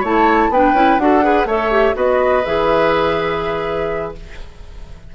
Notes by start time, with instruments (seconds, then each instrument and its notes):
0.00 bassoon A3, clarinet E4, oboe C#5, flute A5
0.49 bassoon B3, clarinet D4, oboe B4, flute G5
0.73 bassoon C#4, clarinet E4
0.98 bassoon D4, clarinet F#4, oboe A4, flute F#5
1.22 clarinet G#4, oboe B4
1.45 bassoon A3, clarinet A4, oboe C#5, flute E5
1.71 clarinet G4
1.93 bassoon B3, clarinet F#4, oboe B4, flute D#5
2.45 bassoon E3, clarinet G#4, flute E5